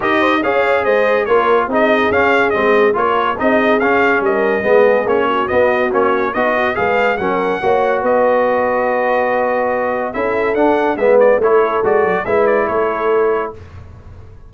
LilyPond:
<<
  \new Staff \with { instrumentName = "trumpet" } { \time 4/4 \tempo 4 = 142 dis''4 f''4 dis''4 cis''4 | dis''4 f''4 dis''4 cis''4 | dis''4 f''4 dis''2 | cis''4 dis''4 cis''4 dis''4 |
f''4 fis''2 dis''4~ | dis''1 | e''4 fis''4 e''8 d''8 cis''4 | d''4 e''8 d''8 cis''2 | }
  \new Staff \with { instrumentName = "horn" } { \time 4/4 ais'8 c''8 cis''4 c''4 ais'4 | gis'2. ais'4 | gis'2 ais'4 gis'4~ | gis'8 fis'2~ fis'8 dis'8 fis'8 |
b'4 ais'4 cis''4 b'4~ | b'1 | a'2 b'4 a'4~ | a'4 b'4 a'2 | }
  \new Staff \with { instrumentName = "trombone" } { \time 4/4 g'4 gis'2 f'4 | dis'4 cis'4 c'4 f'4 | dis'4 cis'2 b4 | cis'4 b4 cis'4 fis'4 |
gis'4 cis'4 fis'2~ | fis'1 | e'4 d'4 b4 e'4 | fis'4 e'2. | }
  \new Staff \with { instrumentName = "tuba" } { \time 4/4 dis'4 cis'4 gis4 ais4 | c'4 cis'4 gis4 ais4 | c'4 cis'4 g4 gis4 | ais4 b4 ais4 b4 |
gis4 fis4 ais4 b4~ | b1 | cis'4 d'4 gis4 a4 | gis8 fis8 gis4 a2 | }
>>